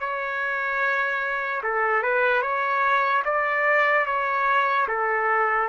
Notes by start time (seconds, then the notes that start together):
0.00 C#5
1.63 A4
2.03 B4
2.42 C#5
3.25 D5
4.06 C#5
4.88 A4